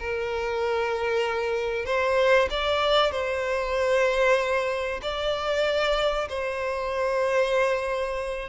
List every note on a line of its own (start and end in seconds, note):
0.00 1.86 A#4
1.86 2.49 C5
2.51 3.12 D5
3.12 5.01 C5
5.02 6.29 D5
6.29 8.49 C5